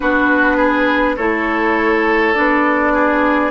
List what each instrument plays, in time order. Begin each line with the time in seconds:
0.00 bassoon B3, clarinet D4, oboe F#4, flute B4
0.56 oboe G#4
1.16 bassoon A3, clarinet E4, oboe A4, flute C#5
2.34 bassoon B3, clarinet D4, flute D5
2.93 oboe G#4